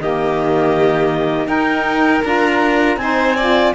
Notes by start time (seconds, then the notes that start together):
0.00 D#3 A#3 G4 D#5
1.46 D#4 A#4 G5
2.24 D4 F4 A#5
2.97 C4 D#4 C5 G#5
3.37 F4 D5